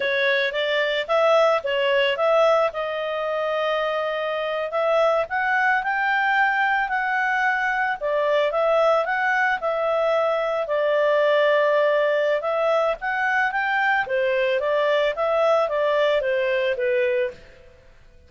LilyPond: \new Staff \with { instrumentName = "clarinet" } { \time 4/4 \tempo 4 = 111 cis''4 d''4 e''4 cis''4 | e''4 dis''2.~ | dis''8. e''4 fis''4 g''4~ g''16~ | g''8. fis''2 d''4 e''16~ |
e''8. fis''4 e''2 d''16~ | d''2. e''4 | fis''4 g''4 c''4 d''4 | e''4 d''4 c''4 b'4 | }